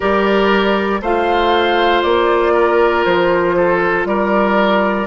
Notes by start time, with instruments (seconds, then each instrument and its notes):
0.00 bassoon G3, clarinet G4, oboe A#4, flute D5
1.01 bassoon A3, clarinet F4, oboe C5, flute F5
2.02 bassoon A#3, flute D5
2.53 oboe A#4
3.04 bassoon F3, flute C5
3.56 oboe A4
4.05 bassoon G3, oboe A#4, flute D5